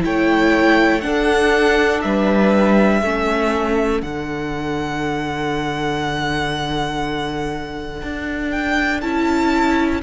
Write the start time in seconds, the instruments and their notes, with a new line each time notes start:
0.00 cello A3, viola E4, violin C#5 G5
1.00 viola D4, cello D4, violin A4 F#5
2.01 cello G3, violin B4 E5
3.01 cello A3, viola C#4, violin A4
4.01 cello D3, viola D4, violin F#5
8.03 cello D4
8.50 violin G5
9.01 cello C#4, viola E4, violin A5